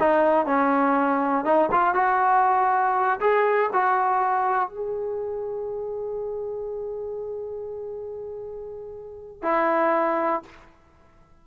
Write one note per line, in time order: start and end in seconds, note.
0.00 0.47 D#4
0.47 1.45 C#4
1.45 1.70 D#4
1.72 1.95 F4
1.95 3.20 F#4
3.21 3.71 G#4
3.74 4.69 F#4
4.69 9.43 G#4
9.43 10.43 E4